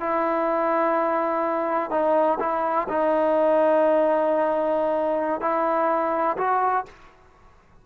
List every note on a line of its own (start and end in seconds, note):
0.00 1.90 E4
1.90 2.38 D#4
2.40 2.88 E4
2.89 5.41 D#4
5.41 6.37 E4
6.37 6.85 F#4